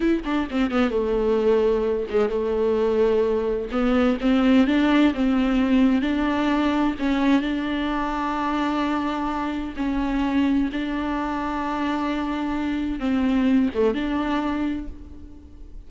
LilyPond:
\new Staff \with { instrumentName = "viola" } { \time 4/4 \tempo 4 = 129 e'8 d'8 c'8 b8 a2~ | a8 gis8 a2. | b4 c'4 d'4 c'4~ | c'4 d'2 cis'4 |
d'1~ | d'4 cis'2 d'4~ | d'1 | c'4. a8 d'2 | }